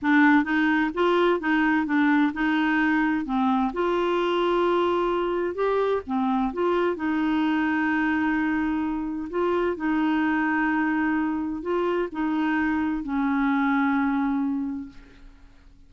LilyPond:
\new Staff \with { instrumentName = "clarinet" } { \time 4/4 \tempo 4 = 129 d'4 dis'4 f'4 dis'4 | d'4 dis'2 c'4 | f'1 | g'4 c'4 f'4 dis'4~ |
dis'1 | f'4 dis'2.~ | dis'4 f'4 dis'2 | cis'1 | }